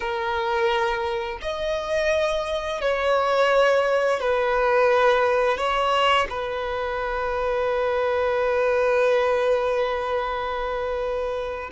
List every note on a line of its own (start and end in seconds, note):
0.00 1.38 A#4
1.41 2.81 D#5
2.81 4.20 C#5
4.20 5.57 B4
5.57 6.27 C#5
6.29 11.70 B4